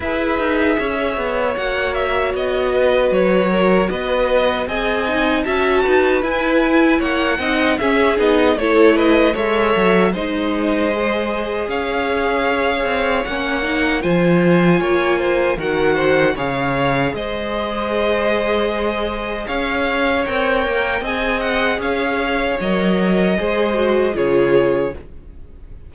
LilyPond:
<<
  \new Staff \with { instrumentName = "violin" } { \time 4/4 \tempo 4 = 77 e''2 fis''8 e''8 dis''4 | cis''4 dis''4 gis''4 a''4 | gis''4 fis''4 e''8 dis''8 cis''8 dis''8 | e''4 dis''2 f''4~ |
f''4 fis''4 gis''2 | fis''4 f''4 dis''2~ | dis''4 f''4 g''4 gis''8 fis''8 | f''4 dis''2 cis''4 | }
  \new Staff \with { instrumentName = "violin" } { \time 4/4 b'4 cis''2~ cis''8 b'8~ | b'8 ais'8 b'4 dis''4 e''8 b'8~ | b'4 cis''8 dis''8 gis'4 a'8 b'8 | cis''4 c''2 cis''4~ |
cis''2 c''4 cis''8 c''8 | ais'8 c''8 cis''4 c''2~ | c''4 cis''2 dis''4 | cis''2 c''4 gis'4 | }
  \new Staff \with { instrumentName = "viola" } { \time 4/4 gis'2 fis'2~ | fis'2 gis'8 dis'8 fis'4 | e'4. dis'8 cis'8 dis'8 e'4 | a'4 dis'4 gis'2~ |
gis'4 cis'8 dis'8 f'2 | fis'4 gis'2.~ | gis'2 ais'4 gis'4~ | gis'4 ais'4 gis'8 fis'8 f'4 | }
  \new Staff \with { instrumentName = "cello" } { \time 4/4 e'8 dis'8 cis'8 b8 ais4 b4 | fis4 b4 c'4 cis'8 dis'8 | e'4 ais8 c'8 cis'8 b8 a4 | gis8 fis8 gis2 cis'4~ |
cis'8 c'8 ais4 f4 ais4 | dis4 cis4 gis2~ | gis4 cis'4 c'8 ais8 c'4 | cis'4 fis4 gis4 cis4 | }
>>